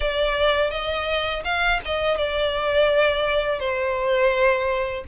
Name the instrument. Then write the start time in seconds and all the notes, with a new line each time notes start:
violin
0.00 D5
0.70 D#5
1.44 F5
1.85 D#5
2.17 D5
3.59 C5